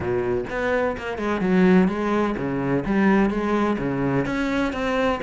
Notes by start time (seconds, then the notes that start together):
0.00 B2
0.49 B3
0.97 A#3
1.18 G#3
1.40 F#3
1.88 G#3
2.37 C#3
2.85 G3
3.30 G#3
3.78 C#3
4.25 C#4
4.72 C4